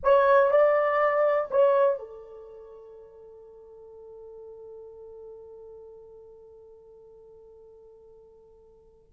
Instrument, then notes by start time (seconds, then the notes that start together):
horn
0.03 C#5
0.50 D5
1.50 C#5
1.99 A4